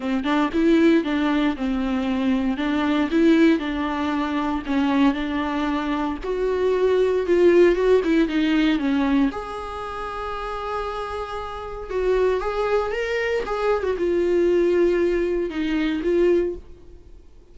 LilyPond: \new Staff \with { instrumentName = "viola" } { \time 4/4 \tempo 4 = 116 c'8 d'8 e'4 d'4 c'4~ | c'4 d'4 e'4 d'4~ | d'4 cis'4 d'2 | fis'2 f'4 fis'8 e'8 |
dis'4 cis'4 gis'2~ | gis'2. fis'4 | gis'4 ais'4 gis'8. fis'16 f'4~ | f'2 dis'4 f'4 | }